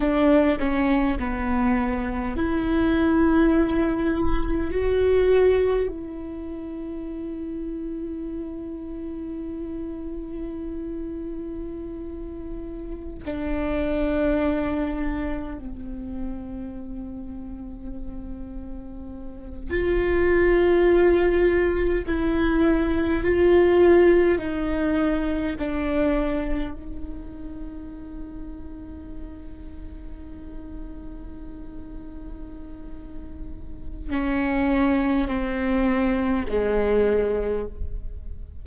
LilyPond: \new Staff \with { instrumentName = "viola" } { \time 4/4 \tempo 4 = 51 d'8 cis'8 b4 e'2 | fis'4 e'2.~ | e'2.~ e'16 d'8.~ | d'4~ d'16 c'2~ c'8.~ |
c'8. f'2 e'4 f'16~ | f'8. dis'4 d'4 dis'4~ dis'16~ | dis'1~ | dis'4 cis'4 c'4 gis4 | }